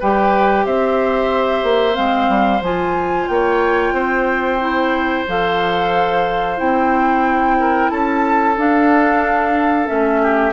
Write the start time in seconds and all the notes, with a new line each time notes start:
0.00 G3 G4 B4 G5
0.66 C4 C5 E5
1.63 A#3
1.94 G#3 C4 F5
2.29 G3
2.62 F3 F4 G#5
3.28 A#3 C#5 G5
3.92 C4 C5
4.60 E4
5.28 F3 A4 F5
6.57 C4 E4 G5
7.60 A#4
7.90 C#4 A4 A5
8.57 D4 F5
9.87 A3 C#4 E5
10.22 G4